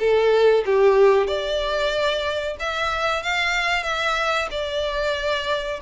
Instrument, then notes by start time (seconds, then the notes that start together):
violin
0.00 A4
0.66 G4
1.28 D5
2.60 E5
3.23 F5
3.84 E5
4.51 D5